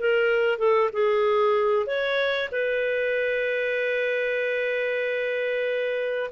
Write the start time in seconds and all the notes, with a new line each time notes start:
0.00 A#4
0.59 A4
0.94 G#4
1.87 C#5
2.52 B4